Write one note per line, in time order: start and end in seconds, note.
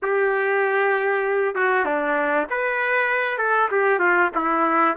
0.02 1.55 G4
1.55 1.85 F#4
1.85 2.47 D4
2.50 3.38 B4
3.38 3.69 A4
3.71 3.99 G4
3.99 4.30 F4
4.34 4.96 E4